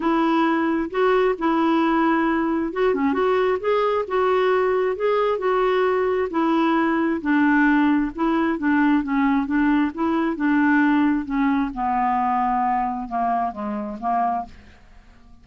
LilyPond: \new Staff \with { instrumentName = "clarinet" } { \time 4/4 \tempo 4 = 133 e'2 fis'4 e'4~ | e'2 fis'8 cis'8 fis'4 | gis'4 fis'2 gis'4 | fis'2 e'2 |
d'2 e'4 d'4 | cis'4 d'4 e'4 d'4~ | d'4 cis'4 b2~ | b4 ais4 gis4 ais4 | }